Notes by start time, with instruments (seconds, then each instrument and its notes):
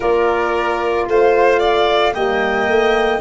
0.00 tuba A#3, horn F4, violin A#4, flute D5
1.07 tuba A3, violin C5, flute F5
1.59 violin D5
2.13 tuba G3, horn A#3, violin D#5, flute G5
2.67 tuba A3